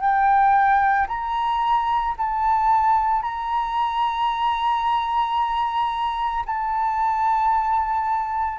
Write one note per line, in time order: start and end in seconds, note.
0.00 1.07 G5
1.07 2.14 A#5
2.17 3.22 A5
3.22 6.44 A#5
6.46 8.58 A5